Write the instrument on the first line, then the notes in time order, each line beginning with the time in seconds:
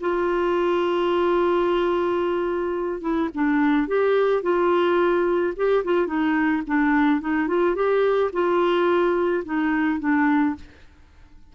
clarinet
0.00 F4
3.01 E4
3.34 D4
3.87 G4
4.42 F4
5.56 G4
5.84 F4
6.07 D#4
6.66 D4
7.20 D#4
7.47 F4
7.75 G4
8.32 F4
9.44 D#4
9.99 D4